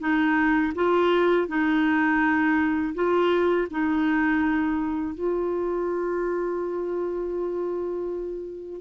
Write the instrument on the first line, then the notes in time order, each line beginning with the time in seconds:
clarinet
0.00 D#4
0.75 F4
1.48 D#4
2.95 F4
3.71 D#4
5.15 F4